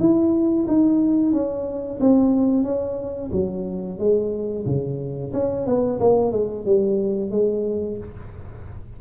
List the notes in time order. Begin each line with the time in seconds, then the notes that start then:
0.00 E4
0.68 D#4
1.33 C#4
2.01 C4
2.64 C#4
3.32 F#3
3.99 G#3
4.66 C#3
5.33 C#4
5.66 B3
6.00 A#3
6.32 G#3
6.66 G3
7.31 G#3